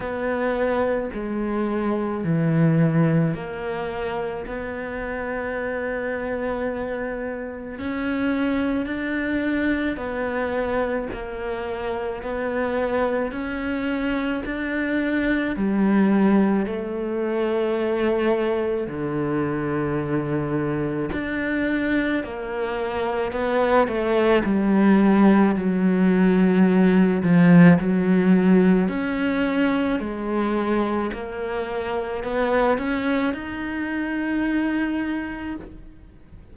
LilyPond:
\new Staff \with { instrumentName = "cello" } { \time 4/4 \tempo 4 = 54 b4 gis4 e4 ais4 | b2. cis'4 | d'4 b4 ais4 b4 | cis'4 d'4 g4 a4~ |
a4 d2 d'4 | ais4 b8 a8 g4 fis4~ | fis8 f8 fis4 cis'4 gis4 | ais4 b8 cis'8 dis'2 | }